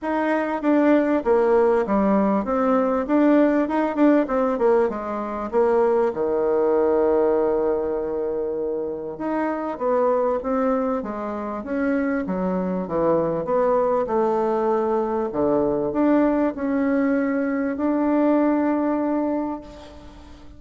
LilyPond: \new Staff \with { instrumentName = "bassoon" } { \time 4/4 \tempo 4 = 98 dis'4 d'4 ais4 g4 | c'4 d'4 dis'8 d'8 c'8 ais8 | gis4 ais4 dis2~ | dis2. dis'4 |
b4 c'4 gis4 cis'4 | fis4 e4 b4 a4~ | a4 d4 d'4 cis'4~ | cis'4 d'2. | }